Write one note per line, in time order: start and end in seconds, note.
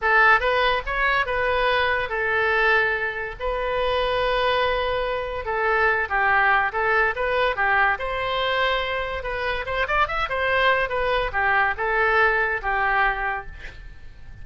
0.01 0.40 A4
0.40 0.82 B4
0.86 1.26 C#5
1.26 2.09 B4
2.09 3.35 A4
3.39 5.45 B4
5.45 6.08 A4
6.09 6.72 G4
6.72 7.14 A4
7.15 7.56 B4
7.56 7.98 G4
7.98 9.23 C5
9.23 9.65 B4
9.65 9.86 C5
9.87 10.07 D5
10.07 10.28 E5
10.29 10.89 C5
10.89 11.31 B4
11.32 11.74 G4
11.77 12.61 A4
12.62 13.46 G4